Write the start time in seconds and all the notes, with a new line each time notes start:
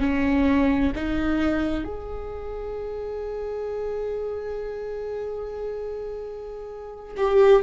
0.00 C#4
0.95 D#4
1.84 G#4
7.17 G4